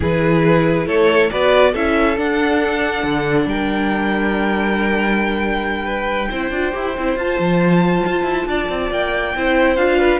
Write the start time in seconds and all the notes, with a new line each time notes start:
0.00 E3 E4 G#4 B4
0.86 A3 A4 C#5
1.30 B3 F#4 B4 D5
1.72 C#4 E4 A4 E5
2.16 D4 F#5
3.03 D3
3.45 G3 A#4 G5
5.84 B4
6.30 C4 E4 C5
6.50 D4 F4
6.72 E4 G4
6.97 C4 E4
7.15 F4 A5
7.39 F3
8.06 F4
8.23 E4
8.46 D4 D5
8.69 C4
8.90 A#3 G5
9.35 C4 E4 C5
9.76 D4 F4 F5
9.99 B4